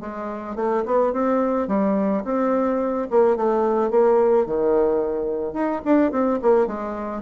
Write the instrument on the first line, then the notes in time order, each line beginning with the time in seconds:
bassoon
0.00 G#3
0.56 A3
0.85 B3
1.12 C4
1.67 G3
2.24 C4
3.10 A#3
3.36 A3
3.90 A#3
4.46 D#3
5.53 D#4
5.85 D4
6.11 C4
6.42 A#3
6.67 G#3